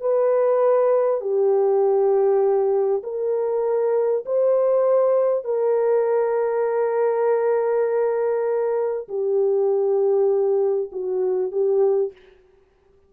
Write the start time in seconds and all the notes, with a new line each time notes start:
0.00 B4
1.20 G4
3.03 A#4
4.25 C5
5.44 A#4
9.08 G4
10.92 F#4
11.52 G4